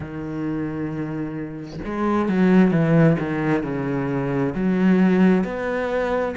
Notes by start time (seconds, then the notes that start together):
0.00 D#3
1.85 G#3
2.29 F#3
2.71 E3
3.19 D#3
3.63 C#3
4.55 F#3
5.44 B3